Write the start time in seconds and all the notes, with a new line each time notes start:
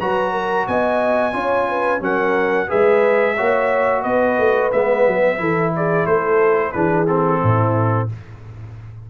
0.00 F#3 F#4 B4 A#5
0.32 A#4
0.68 B3 D#5 G#5
1.33 C#4 F4 C#5
1.69 B4
2.00 F#3 C#4 A#4 F#5
2.68 G#3 G#4 B4 E5
3.37 A#3 F#4 C#5
4.02 B3 B4 D#5
4.38 A3
4.72 G#3 B3 E5
5.07 F#3
5.38 E3 E4 A4
5.76 G#4 D5
6.06 A3 A4 C5
6.72 E3 D4 G#4 B4
7.08 C4 A4
7.41 A2 E4